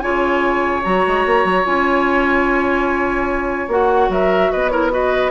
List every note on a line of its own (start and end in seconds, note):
0.00 0.85 C#3
0.00 0.83 F4
0.00 4.11 C#5
0.00 0.82 G#5
0.83 1.06 F#3
0.83 1.65 F#4
0.83 1.66 A#5
1.07 1.26 G#3
1.26 1.45 A#3
1.45 1.65 F#3
1.65 3.68 C#4
1.65 3.69 F4
1.65 3.70 G#5
3.68 4.09 A#3
3.68 4.72 F#4
3.68 4.12 F#5
4.09 4.50 F#3
4.09 4.52 A#4
4.09 4.52 E5
4.52 5.31 B3
4.52 4.72 B4
4.52 4.69 D#5
4.69 4.91 E4
4.69 4.92 A#4
4.69 4.90 C#5
4.91 5.31 F#4
4.91 5.31 B4
4.91 5.31 D#5